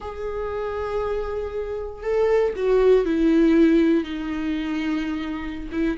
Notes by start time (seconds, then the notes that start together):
0.00 G#4
2.02 A4
2.56 F#4
3.05 E4
4.04 D#4
5.71 E4